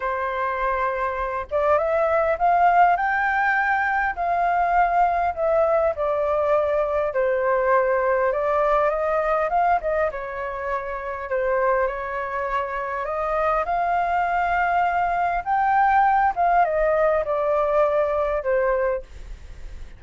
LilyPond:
\new Staff \with { instrumentName = "flute" } { \time 4/4 \tempo 4 = 101 c''2~ c''8 d''8 e''4 | f''4 g''2 f''4~ | f''4 e''4 d''2 | c''2 d''4 dis''4 |
f''8 dis''8 cis''2 c''4 | cis''2 dis''4 f''4~ | f''2 g''4. f''8 | dis''4 d''2 c''4 | }